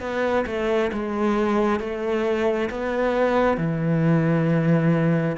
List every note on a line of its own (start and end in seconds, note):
0.00 0.45 B3
0.46 0.91 A3
0.92 1.80 G#3
1.80 2.69 A3
2.70 3.57 B3
3.57 5.36 E3